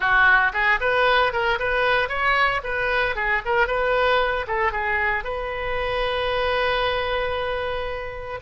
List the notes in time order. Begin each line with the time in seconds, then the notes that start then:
0.00 F#4
0.53 G#4
0.80 B4
1.32 A#4
1.59 B4
2.08 C#5
2.63 B4
3.15 G#4
3.45 A#4
3.67 B4
4.47 A4
4.72 G#4
5.24 B4